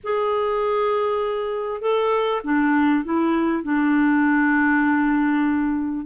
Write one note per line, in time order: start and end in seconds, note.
0.03 1.81 G#4
1.81 2.41 A4
2.44 3.04 D4
3.04 3.63 E4
3.63 6.05 D4